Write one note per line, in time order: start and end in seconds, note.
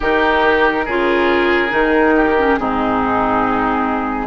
0.00 0.86 D#3
0.00 0.86 D#4
0.00 0.85 G4
0.00 2.55 A#4
0.85 1.72 C#3
0.85 1.69 F4
0.85 2.14 G#4
1.69 2.57 D#3
1.69 2.33 D#4
2.16 2.59 G4
2.37 2.58 C#4
2.55 4.26 G#2
2.55 4.26 C4
2.55 4.26 D#4
2.55 4.26 G#4